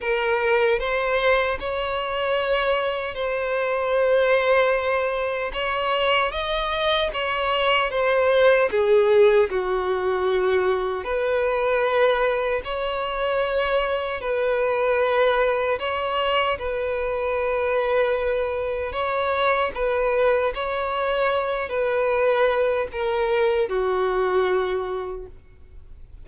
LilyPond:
\new Staff \with { instrumentName = "violin" } { \time 4/4 \tempo 4 = 76 ais'4 c''4 cis''2 | c''2. cis''4 | dis''4 cis''4 c''4 gis'4 | fis'2 b'2 |
cis''2 b'2 | cis''4 b'2. | cis''4 b'4 cis''4. b'8~ | b'4 ais'4 fis'2 | }